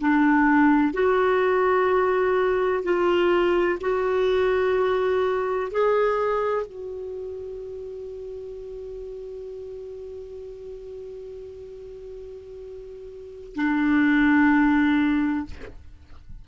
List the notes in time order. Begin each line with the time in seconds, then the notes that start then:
0.00 D4
0.93 F#4
2.83 F4
3.81 F#4
5.71 G#4
6.66 F#4
13.55 D4